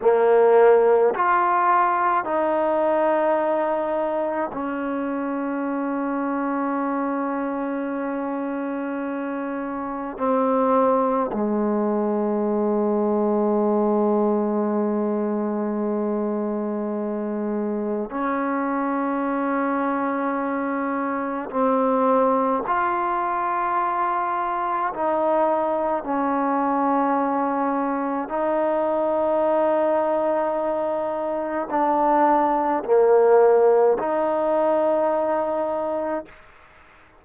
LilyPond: \new Staff \with { instrumentName = "trombone" } { \time 4/4 \tempo 4 = 53 ais4 f'4 dis'2 | cis'1~ | cis'4 c'4 gis2~ | gis1 |
cis'2. c'4 | f'2 dis'4 cis'4~ | cis'4 dis'2. | d'4 ais4 dis'2 | }